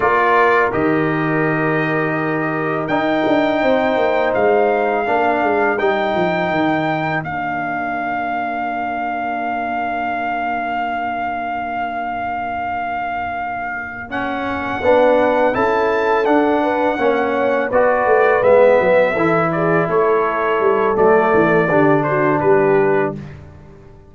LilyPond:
<<
  \new Staff \with { instrumentName = "trumpet" } { \time 4/4 \tempo 4 = 83 d''4 dis''2. | g''2 f''2 | g''2 f''2~ | f''1~ |
f''2.~ f''8 fis''8~ | fis''4. a''4 fis''4.~ | fis''8 d''4 e''4. d''8 cis''8~ | cis''4 d''4. c''8 b'4 | }
  \new Staff \with { instrumentName = "horn" } { \time 4/4 ais'1~ | ais'4 c''2 ais'4~ | ais'1~ | ais'1~ |
ais'1~ | ais'8 b'4 a'4. b'8 cis''8~ | cis''8 b'2 a'8 gis'8 a'8~ | a'2 g'8 fis'8 g'4 | }
  \new Staff \with { instrumentName = "trombone" } { \time 4/4 f'4 g'2. | dis'2. d'4 | dis'2 d'2~ | d'1~ |
d'2.~ d'8 cis'8~ | cis'8 d'4 e'4 d'4 cis'8~ | cis'8 fis'4 b4 e'4.~ | e'4 a4 d'2 | }
  \new Staff \with { instrumentName = "tuba" } { \time 4/4 ais4 dis2. | dis'8 d'8 c'8 ais8 gis4 ais8 gis8 | g8 f8 dis4 ais2~ | ais1~ |
ais1~ | ais8 b4 cis'4 d'4 ais8~ | ais8 b8 a8 gis8 fis8 e4 a8~ | a8 g8 fis8 e8 d4 g4 | }
>>